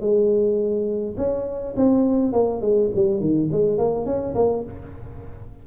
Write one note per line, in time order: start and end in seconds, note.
0.00 1.15 G#3
1.17 1.74 C#4
1.76 2.32 C4
2.32 2.61 A#3
2.61 2.90 G#3
2.95 3.20 G3
3.20 3.49 D#3
3.52 3.78 G#3
3.78 4.05 A#3
4.05 4.34 C#4
4.34 4.63 A#3